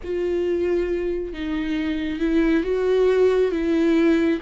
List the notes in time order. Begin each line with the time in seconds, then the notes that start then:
0.03 F4
1.33 D#4
2.19 E4
2.63 F#4
3.51 E4